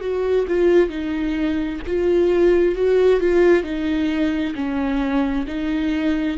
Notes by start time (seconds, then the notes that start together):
0.00 F#4
0.48 F4
0.89 D#4
1.86 F4
2.75 F#4
3.20 F4
3.63 D#4
4.55 C#4
5.46 D#4